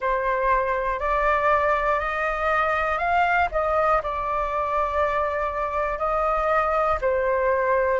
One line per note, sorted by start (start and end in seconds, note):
0.00 0.99 C5
0.99 1.99 D5
1.99 2.98 D#5
2.98 3.48 F5
3.51 4.01 D#5
4.03 5.98 D5
5.98 6.98 D#5
7.01 8.00 C5